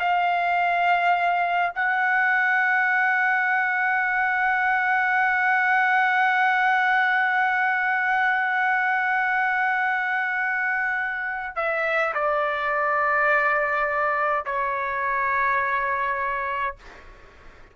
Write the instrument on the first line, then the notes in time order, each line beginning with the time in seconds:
trumpet
0.00 F5
1.76 F#5
11.56 E5
12.15 D5
14.46 C#5